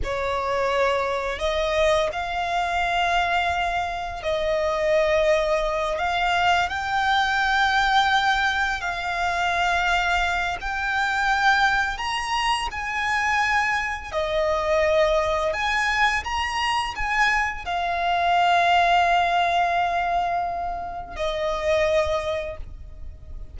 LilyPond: \new Staff \with { instrumentName = "violin" } { \time 4/4 \tempo 4 = 85 cis''2 dis''4 f''4~ | f''2 dis''2~ | dis''8 f''4 g''2~ g''8~ | g''8 f''2~ f''8 g''4~ |
g''4 ais''4 gis''2 | dis''2 gis''4 ais''4 | gis''4 f''2.~ | f''2 dis''2 | }